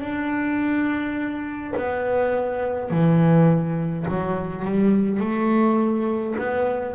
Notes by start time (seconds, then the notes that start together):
0.00 D4
1.76 B3
2.90 E3
4.08 F#3
4.65 G3
5.20 A3
6.38 B3